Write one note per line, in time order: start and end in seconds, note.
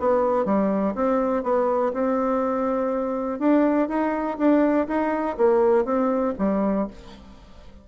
0.00 0.46 B3
0.46 0.95 G3
0.95 1.44 C4
1.44 1.93 B3
1.93 3.40 C4
3.40 3.89 D4
3.89 4.38 D#4
4.38 4.88 D4
4.88 5.37 D#4
5.38 5.85 A#3
5.85 6.34 C4
6.39 6.88 G3